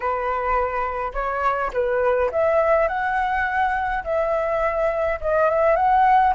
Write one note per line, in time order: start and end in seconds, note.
0.00 1.12 B4
1.13 1.71 C#5
1.73 2.31 B4
2.31 2.88 E5
2.88 4.03 F#5
4.04 5.19 E5
5.20 5.49 D#5
5.49 5.76 E5
5.76 6.33 F#5